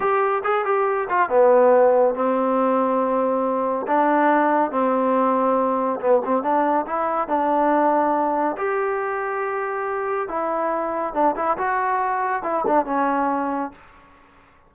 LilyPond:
\new Staff \with { instrumentName = "trombone" } { \time 4/4 \tempo 4 = 140 g'4 gis'8 g'4 f'8 b4~ | b4 c'2.~ | c'4 d'2 c'4~ | c'2 b8 c'8 d'4 |
e'4 d'2. | g'1 | e'2 d'8 e'8 fis'4~ | fis'4 e'8 d'8 cis'2 | }